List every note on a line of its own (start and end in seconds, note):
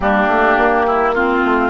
0.00 0.27 G3
0.00 1.15 A#3
0.00 0.86 D4
0.00 1.13 G4
0.27 0.56 A3
0.57 1.43 A#3
0.86 1.14 E4
1.14 1.70 C4
1.14 1.70 F4
1.44 1.70 A3